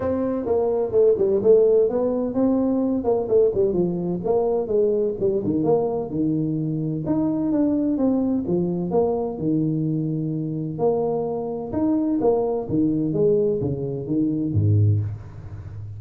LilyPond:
\new Staff \with { instrumentName = "tuba" } { \time 4/4 \tempo 4 = 128 c'4 ais4 a8 g8 a4 | b4 c'4. ais8 a8 g8 | f4 ais4 gis4 g8 dis8 | ais4 dis2 dis'4 |
d'4 c'4 f4 ais4 | dis2. ais4~ | ais4 dis'4 ais4 dis4 | gis4 cis4 dis4 gis,4 | }